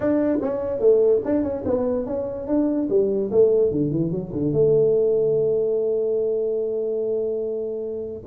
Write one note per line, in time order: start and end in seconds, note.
0.00 0.38 D4
0.41 0.79 C#4
0.79 1.20 A3
1.25 1.43 D4
1.43 1.63 C#4
1.65 2.06 B3
2.06 2.47 C#4
2.47 2.88 D4
2.89 3.30 G3
3.31 3.71 A3
3.71 3.91 D3
3.91 4.11 E3
4.11 4.31 F#3
4.32 4.52 D3
4.52 8.22 A3